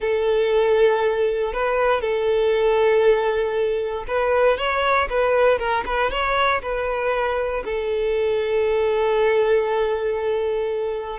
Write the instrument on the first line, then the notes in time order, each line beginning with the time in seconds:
violin
0.00 A4
1.53 B4
2.01 A4
4.07 B4
4.57 C#5
5.09 B4
5.58 A#4
5.85 B4
6.10 C#5
6.61 B4
7.65 A4